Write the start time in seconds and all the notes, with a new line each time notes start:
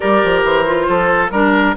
0.00 G3 G4 A#4 D5
0.24 F3
0.43 E3 C5
0.66 F4
0.88 F3 A4
1.29 G3 D4 A#4